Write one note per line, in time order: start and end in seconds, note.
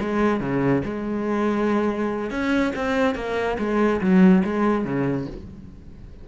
0.00 0.40 G#3
0.40 0.82 C#3
0.85 2.30 G#3
2.30 2.73 C#4
2.75 3.15 C4
3.15 3.57 A#3
3.58 4.01 G#3
4.01 4.43 F#3
4.44 4.85 G#3
4.85 5.27 C#3